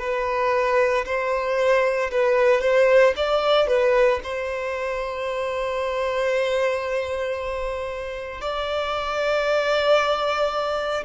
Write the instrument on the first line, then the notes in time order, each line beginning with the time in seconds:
violin
0.00 B4
1.06 C5
2.11 B4
2.61 C5
3.16 D5
3.68 B4
4.24 C5
8.41 D5